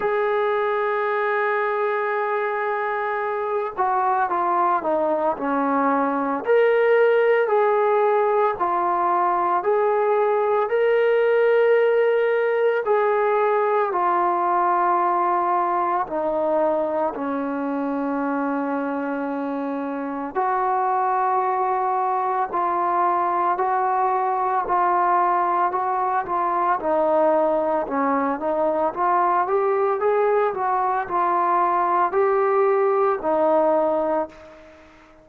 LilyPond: \new Staff \with { instrumentName = "trombone" } { \time 4/4 \tempo 4 = 56 gis'2.~ gis'8 fis'8 | f'8 dis'8 cis'4 ais'4 gis'4 | f'4 gis'4 ais'2 | gis'4 f'2 dis'4 |
cis'2. fis'4~ | fis'4 f'4 fis'4 f'4 | fis'8 f'8 dis'4 cis'8 dis'8 f'8 g'8 | gis'8 fis'8 f'4 g'4 dis'4 | }